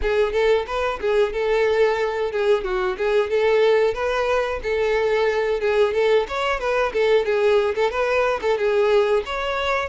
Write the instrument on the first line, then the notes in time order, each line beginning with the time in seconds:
violin
0.01 G#4
0.32 A4
0.66 B4
1.00 G#4
1.32 A4
2.31 G#4
2.63 F#4
2.97 G#4
3.30 A4
3.94 B4
4.62 A4
5.60 G#4
5.93 A4
6.28 C#5
6.59 B4
6.92 A4
7.25 G#4
7.75 A4
7.90 B4
8.41 A4
8.57 G#4
9.25 C#5